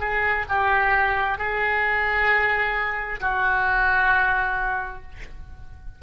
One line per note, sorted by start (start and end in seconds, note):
0.00 0.45 G#4
0.49 1.38 G4
1.38 3.20 G#4
3.21 5.02 F#4